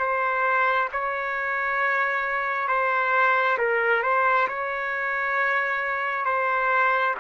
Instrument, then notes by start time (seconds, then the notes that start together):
trumpet
0.00 C5
0.93 C#5
2.69 C5
3.59 A#4
4.03 C5
4.49 C#5
6.26 C5